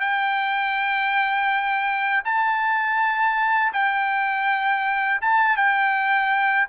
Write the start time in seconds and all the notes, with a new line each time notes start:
0.00 G5
2.25 A5
3.73 G5
5.21 A5
5.57 G5